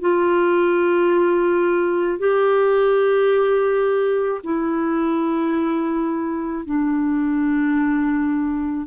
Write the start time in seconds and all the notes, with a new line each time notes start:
0.00 F4
2.19 G4
4.43 E4
6.66 D4